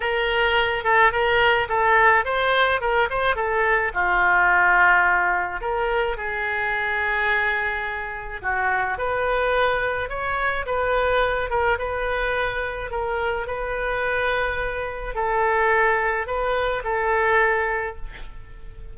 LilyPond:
\new Staff \with { instrumentName = "oboe" } { \time 4/4 \tempo 4 = 107 ais'4. a'8 ais'4 a'4 | c''4 ais'8 c''8 a'4 f'4~ | f'2 ais'4 gis'4~ | gis'2. fis'4 |
b'2 cis''4 b'4~ | b'8 ais'8 b'2 ais'4 | b'2. a'4~ | a'4 b'4 a'2 | }